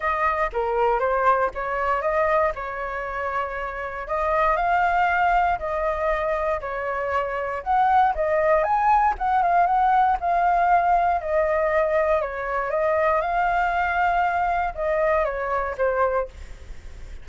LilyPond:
\new Staff \with { instrumentName = "flute" } { \time 4/4 \tempo 4 = 118 dis''4 ais'4 c''4 cis''4 | dis''4 cis''2. | dis''4 f''2 dis''4~ | dis''4 cis''2 fis''4 |
dis''4 gis''4 fis''8 f''8 fis''4 | f''2 dis''2 | cis''4 dis''4 f''2~ | f''4 dis''4 cis''4 c''4 | }